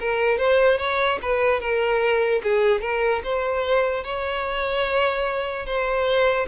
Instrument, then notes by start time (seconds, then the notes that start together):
violin
0.00 A#4
0.38 C5
0.78 C#5
1.22 B4
1.60 A#4
2.43 G#4
2.81 A#4
3.23 C5
4.04 C#5
5.66 C5